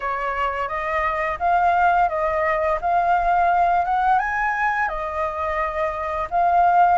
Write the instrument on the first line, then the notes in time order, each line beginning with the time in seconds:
flute
0.00 C#5
0.68 D#5
1.39 F5
2.09 D#5
2.81 F5
3.85 F#5
4.19 G#5
4.88 D#5
6.30 F5